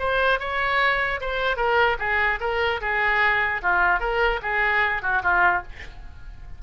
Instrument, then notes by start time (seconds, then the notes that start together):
oboe
0.00 C5
0.40 C#5
1.21 C5
1.57 A#4
2.00 G#4
2.41 A#4
2.82 G#4
3.63 F4
4.00 A#4
4.43 G#4
5.03 F#4
5.23 F4